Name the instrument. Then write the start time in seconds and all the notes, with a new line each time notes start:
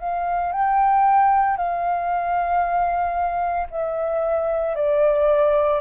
flute
0.00 F5
0.52 G5
1.57 F5
3.70 E5
4.75 D5